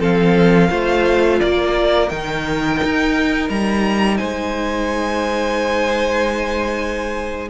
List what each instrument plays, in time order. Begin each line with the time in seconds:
0.00 cello F3, viola C4, violin A4 F5
0.70 cello A3, viola F4, violin C5
1.40 cello A#3, violin A#4 D5
2.09 cello D#3, viola D#4, violin G5
2.84 cello D#4
3.49 cello G3, violin A#5
4.17 cello G#3, violin C5 G#5